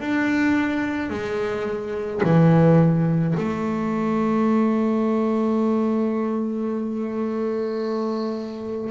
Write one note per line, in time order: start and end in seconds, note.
0.00 1.10 D4
1.10 2.21 G#3
2.24 3.35 E3
3.37 8.90 A3